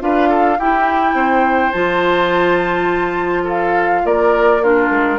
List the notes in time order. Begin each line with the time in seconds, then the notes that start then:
0.00 D4 F4 B4 F5
0.29 A4
0.59 E4 G4 G5
1.14 C4 C5
1.72 F3 F4 A5
3.44 A4 F5
4.05 A#3 A#4 D5
4.63 D4 F4 A#4
4.91 G#3